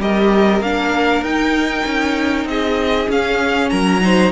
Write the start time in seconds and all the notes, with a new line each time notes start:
0.00 G3 G4 A#4 D#5
0.61 A#3 D4 F5
1.22 D#4 G5
1.86 C#4
2.45 C4 G#4 D#5
3.08 C#4 F5
3.70 F#3 A#4 A#5
4.01 D#4 C5